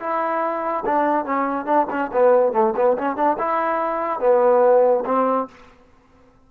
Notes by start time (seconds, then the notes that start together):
0.00 E4
0.86 D4
1.25 C#4
1.66 D4
1.90 C#4
2.13 B3
2.53 A3
2.76 B3
2.98 C#4
3.16 D4
3.39 E4
4.20 B3
5.06 C4